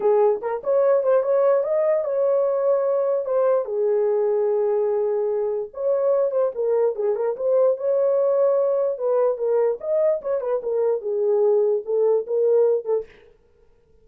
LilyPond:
\new Staff \with { instrumentName = "horn" } { \time 4/4 \tempo 4 = 147 gis'4 ais'8 cis''4 c''8 cis''4 | dis''4 cis''2. | c''4 gis'2.~ | gis'2 cis''4. c''8 |
ais'4 gis'8 ais'8 c''4 cis''4~ | cis''2 b'4 ais'4 | dis''4 cis''8 b'8 ais'4 gis'4~ | gis'4 a'4 ais'4. a'8 | }